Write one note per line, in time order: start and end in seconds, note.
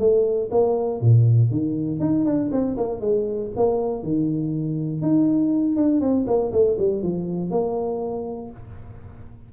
0.00 0.50 A3
0.51 1.01 A#3
1.01 1.51 A#2
1.52 2.00 D#3
2.00 2.25 D#4
2.26 2.51 D4
2.52 2.77 C4
2.77 3.01 A#3
3.01 3.51 G#3
3.57 4.04 A#3
4.04 5.02 D#3
5.02 5.77 D#4
5.77 6.01 D4
6.01 6.26 C4
6.27 6.52 A#3
6.52 6.77 A3
6.79 7.03 G3
7.03 7.51 F3
7.51 8.51 A#3